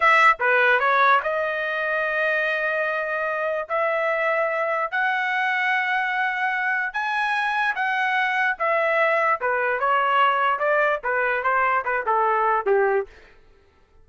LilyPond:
\new Staff \with { instrumentName = "trumpet" } { \time 4/4 \tempo 4 = 147 e''4 b'4 cis''4 dis''4~ | dis''1~ | dis''4 e''2. | fis''1~ |
fis''4 gis''2 fis''4~ | fis''4 e''2 b'4 | cis''2 d''4 b'4 | c''4 b'8 a'4. g'4 | }